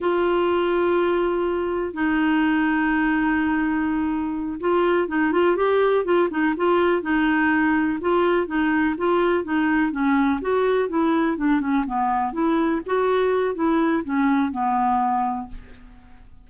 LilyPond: \new Staff \with { instrumentName = "clarinet" } { \time 4/4 \tempo 4 = 124 f'1 | dis'1~ | dis'4. f'4 dis'8 f'8 g'8~ | g'8 f'8 dis'8 f'4 dis'4.~ |
dis'8 f'4 dis'4 f'4 dis'8~ | dis'8 cis'4 fis'4 e'4 d'8 | cis'8 b4 e'4 fis'4. | e'4 cis'4 b2 | }